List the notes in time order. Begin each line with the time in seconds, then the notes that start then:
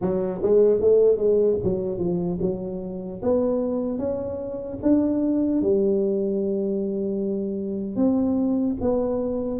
0.01 F#3
0.42 G#3
0.80 A3
1.17 G#3
1.63 F#3
1.98 F3
2.41 F#3
3.22 B3
3.98 C#4
4.82 D4
5.61 G3
7.96 C4
8.80 B3